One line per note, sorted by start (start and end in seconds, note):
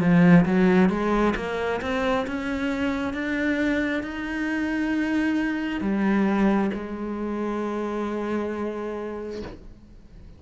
0.00 0.45 F3
0.46 0.90 F#3
0.90 1.34 G#3
1.36 1.80 A#3
1.82 2.26 C4
2.27 3.13 C#4
3.13 4.03 D4
4.03 5.81 D#4
5.81 6.70 G3
6.74 9.42 G#3